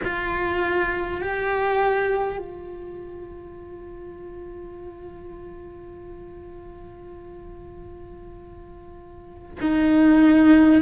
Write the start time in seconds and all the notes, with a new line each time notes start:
0.03 F4
1.21 G4
2.38 F4
9.61 D#4